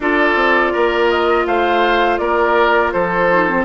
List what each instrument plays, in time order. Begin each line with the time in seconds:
0.00 bassoon D4, clarinet F4, oboe A4, flute D5
0.35 bassoon C4
0.72 bassoon A#3, oboe A#4
1.09 flute D#5
1.45 bassoon A3, oboe C5, flute F5
2.17 bassoon A#3, oboe A#4, flute D5
2.92 bassoon F3, oboe A4, flute C5
3.31 clarinet D#4
3.48 clarinet C4